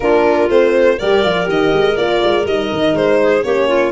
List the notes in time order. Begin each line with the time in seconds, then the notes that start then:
0.00 A#3 D4 F4 A#4
0.48 A3 C4 C5
0.98 G3 G4 A#4 D5
1.23 F3 F4
1.44 D#3 G4 D#5
1.72 G#3
1.96 A#3 F4 D5
2.23 G#3
2.45 G3 D#4 D#5
2.72 D#3
2.93 G#3 C5
3.23 G#4
3.43 A#3 C#4 G4 C#5
3.68 F4